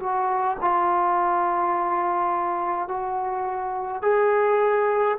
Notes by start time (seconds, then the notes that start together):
0.00 F#4
0.61 F4
2.88 F#4
4.02 G#4